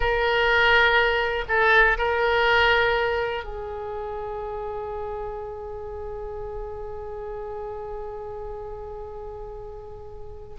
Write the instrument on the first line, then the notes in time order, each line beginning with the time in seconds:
oboe
0.00 A#4
1.48 A4
1.98 A#4
3.44 G#4